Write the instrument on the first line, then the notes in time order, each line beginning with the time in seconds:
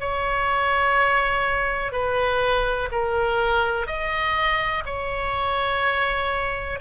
oboe
0.00 C#5
1.92 B4
2.92 A#4
3.87 D#5
4.86 C#5